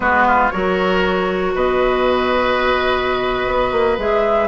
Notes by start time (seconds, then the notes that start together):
0.00 G#3 B3 F#4 B4
0.27 F4
0.50 F#3 F#4 A#4 C#5
1.54 B2 B4 D#5
3.46 B3
3.72 A#3
3.97 G#3 G#4 E5